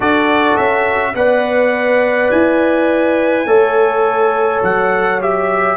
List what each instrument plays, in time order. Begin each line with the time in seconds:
0.00 tuba D4, trombone F#4, horn A4, trumpet D5
0.56 tuba C#4, trumpet E5
1.14 tuba B3, trombone B4, horn D5, trumpet F#5
2.31 tuba E4, trumpet G#5
3.45 tuba A3, trombone A4, horn C#5
4.62 tuba F#3, trumpet F#5
5.20 trombone G4, trumpet E5